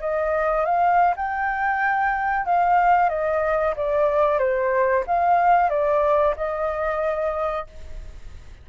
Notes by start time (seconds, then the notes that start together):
0.00 D#5
0.65 F5
1.16 G5
2.45 F5
3.09 D#5
3.76 D5
4.38 C5
5.07 F5
5.69 D5
6.36 D#5